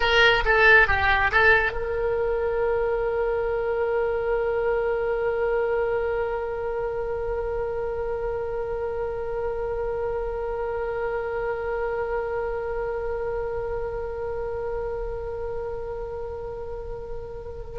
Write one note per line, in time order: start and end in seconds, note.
0.00 0.43 A#4
0.45 0.87 A4
0.87 1.31 G4
1.31 1.72 A4
1.72 17.79 A#4